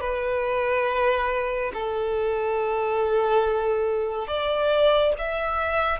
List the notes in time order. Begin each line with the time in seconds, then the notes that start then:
0.00 B4
1.73 A4
4.27 D5
5.18 E5